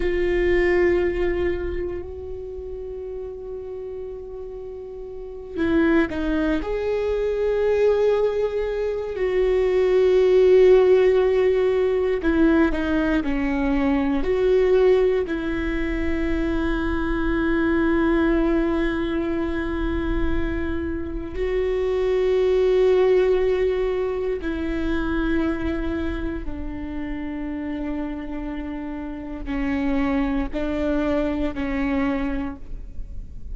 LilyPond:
\new Staff \with { instrumentName = "viola" } { \time 4/4 \tempo 4 = 59 f'2 fis'2~ | fis'4. e'8 dis'8 gis'4.~ | gis'4 fis'2. | e'8 dis'8 cis'4 fis'4 e'4~ |
e'1~ | e'4 fis'2. | e'2 d'2~ | d'4 cis'4 d'4 cis'4 | }